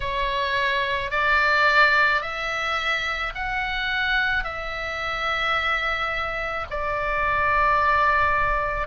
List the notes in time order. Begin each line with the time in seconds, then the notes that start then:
0.00 C#5
1.11 D5
2.21 E5
3.34 F#5
4.44 E5
6.70 D5